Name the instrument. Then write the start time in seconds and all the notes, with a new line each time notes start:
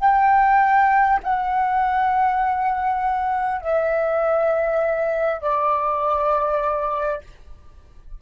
flute
0.00 G5
1.24 F#5
3.62 E5
5.41 D5